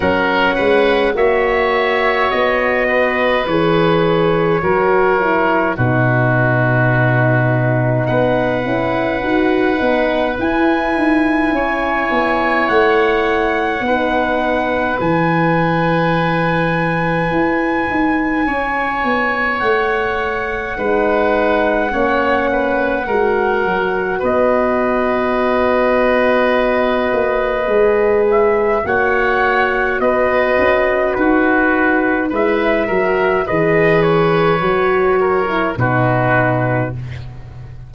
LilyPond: <<
  \new Staff \with { instrumentName = "trumpet" } { \time 4/4 \tempo 4 = 52 fis''4 e''4 dis''4 cis''4~ | cis''4 b'2 fis''4~ | fis''4 gis''2 fis''4~ | fis''4 gis''2.~ |
gis''4 fis''2.~ | fis''4 dis''2.~ | dis''8 e''8 fis''4 dis''4 b'4 | e''4 dis''8 cis''4. b'4 | }
  \new Staff \with { instrumentName = "oboe" } { \time 4/4 ais'8 b'8 cis''4. b'4. | ais'4 fis'2 b'4~ | b'2 cis''2 | b'1 |
cis''2 b'4 cis''8 b'8 | ais'4 b'2.~ | b'4 cis''4 b'4 fis'4 | b'8 ais'8 b'4. ais'8 fis'4 | }
  \new Staff \with { instrumentName = "horn" } { \time 4/4 cis'4 fis'2 gis'4 | fis'8 e'8 dis'2~ dis'8 e'8 | fis'8 dis'8 e'2. | dis'4 e'2.~ |
e'2 dis'4 cis'4 | fis'1 | gis'4 fis'2. | e'8 fis'8 gis'4 fis'8. e'16 dis'4 | }
  \new Staff \with { instrumentName = "tuba" } { \time 4/4 fis8 gis8 ais4 b4 e4 | fis4 b,2 b8 cis'8 | dis'8 b8 e'8 dis'8 cis'8 b8 a4 | b4 e2 e'8 dis'8 |
cis'8 b8 a4 gis4 ais4 | gis8 fis8 b2~ b8 ais8 | gis4 ais4 b8 cis'8 dis'4 | gis8 fis8 e4 fis4 b,4 | }
>>